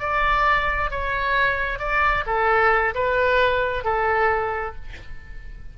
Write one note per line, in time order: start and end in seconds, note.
0.00 0.91 D5
0.91 1.79 C#5
1.79 2.25 D5
2.27 2.95 A4
2.95 3.85 B4
3.85 4.75 A4